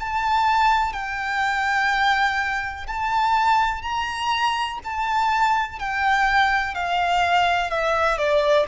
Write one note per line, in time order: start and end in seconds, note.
0.00 0.94 A5
0.94 2.87 G5
2.87 3.83 A5
3.83 4.79 A#5
4.84 5.80 A5
5.80 6.75 G5
6.75 7.71 F5
7.71 8.18 E5
8.18 8.67 D5